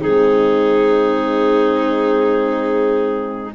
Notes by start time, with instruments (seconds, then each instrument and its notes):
0.00 tuba G#3, horn C4, violin D#4, clarinet G#4